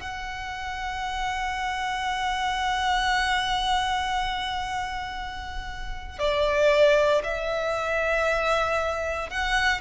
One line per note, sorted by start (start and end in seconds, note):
0.00 6.19 F#5
6.19 7.22 D5
7.24 9.30 E5
9.30 9.80 F#5